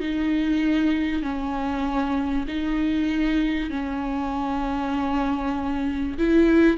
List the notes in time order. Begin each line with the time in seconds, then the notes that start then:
0.00 D#4
1.23 C#4
2.48 D#4
3.70 C#4
6.18 E4